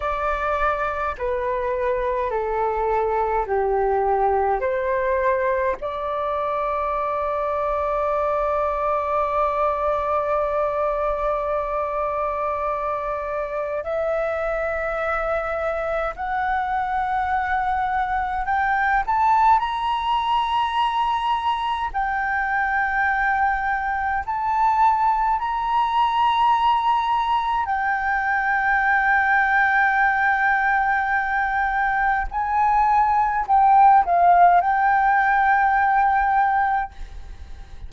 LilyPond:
\new Staff \with { instrumentName = "flute" } { \time 4/4 \tempo 4 = 52 d''4 b'4 a'4 g'4 | c''4 d''2.~ | d''1 | e''2 fis''2 |
g''8 a''8 ais''2 g''4~ | g''4 a''4 ais''2 | g''1 | gis''4 g''8 f''8 g''2 | }